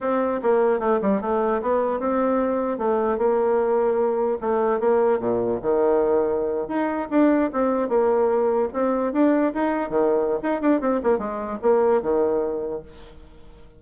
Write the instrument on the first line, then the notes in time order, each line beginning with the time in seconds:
bassoon
0.00 C4
0.42 A#3
0.79 A3
1.01 G3
1.21 A3
1.61 B3
1.99 C4
2.77 A3
3.17 A#3
4.41 A3
4.80 A#3
5.19 A#2
5.62 D#3
6.68 D#4
7.10 D4
7.53 C4
7.88 A#3
8.73 C4
9.13 D4
9.54 D#4
9.89 D#3
10.42 D#4
10.61 D4
10.81 C4
11.03 A#3
11.18 G#3
11.61 A#3
12.01 D#3